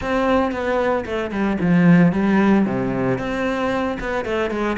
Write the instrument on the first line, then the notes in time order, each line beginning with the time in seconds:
cello
0.01 C4
0.51 B3
1.05 A3
1.30 G3
1.60 F3
2.12 G3
2.65 C3
3.18 C4
4.00 B3
4.24 A3
4.50 G#3